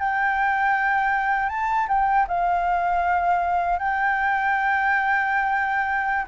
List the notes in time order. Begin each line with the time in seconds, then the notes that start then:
0.00 G5
1.50 A5
1.88 G5
2.28 F5
3.79 G5